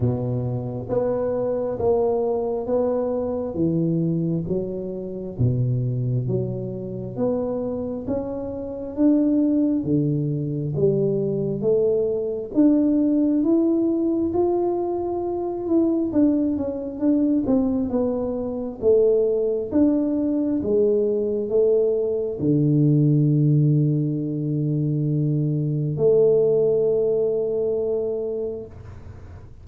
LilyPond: \new Staff \with { instrumentName = "tuba" } { \time 4/4 \tempo 4 = 67 b,4 b4 ais4 b4 | e4 fis4 b,4 fis4 | b4 cis'4 d'4 d4 | g4 a4 d'4 e'4 |
f'4. e'8 d'8 cis'8 d'8 c'8 | b4 a4 d'4 gis4 | a4 d2.~ | d4 a2. | }